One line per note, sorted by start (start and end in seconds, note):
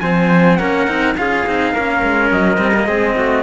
0.00 0.59 F3
0.00 0.60 C4
0.00 0.59 C5
0.00 0.57 G#5
0.57 0.88 A#3
0.57 0.87 C#4
0.57 1.17 A#4
0.57 1.14 F#5
0.87 1.16 C4
0.87 1.16 D#4
1.17 1.46 C#4
1.17 1.46 F4
1.17 1.73 G#4
1.17 2.31 F5
1.47 1.74 C4
1.47 1.76 D#4
1.73 2.02 A#3
1.73 2.58 C#4
1.73 2.87 A#4
2.03 2.32 G#3
2.32 2.58 F#3
2.32 3.43 D#5
2.58 2.86 G3
2.58 2.72 C4
2.74 2.88 A#3
2.86 3.15 G#3
2.86 3.43 C4
2.86 3.16 G#4
3.17 3.43 A3
3.17 3.43 F#4